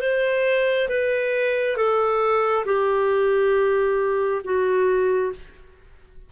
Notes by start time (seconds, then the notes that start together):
0.00 C5
0.89 B4
1.77 A4
2.66 G4
4.44 F#4